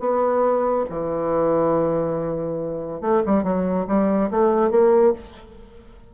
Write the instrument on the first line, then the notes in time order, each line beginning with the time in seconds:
bassoon
0.00 B3
0.90 E3
3.01 A3
3.26 G3
3.44 F#3
3.88 G3
4.31 A3
4.71 A#3